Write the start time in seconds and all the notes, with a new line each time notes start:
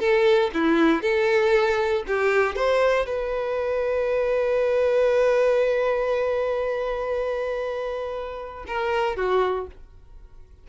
0.00 A4
0.54 E4
1.02 A4
2.08 G4
2.56 C5
3.06 B4
8.67 A#4
9.17 F#4